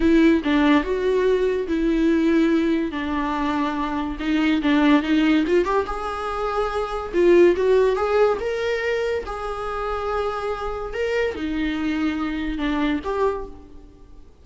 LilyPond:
\new Staff \with { instrumentName = "viola" } { \time 4/4 \tempo 4 = 143 e'4 d'4 fis'2 | e'2. d'4~ | d'2 dis'4 d'4 | dis'4 f'8 g'8 gis'2~ |
gis'4 f'4 fis'4 gis'4 | ais'2 gis'2~ | gis'2 ais'4 dis'4~ | dis'2 d'4 g'4 | }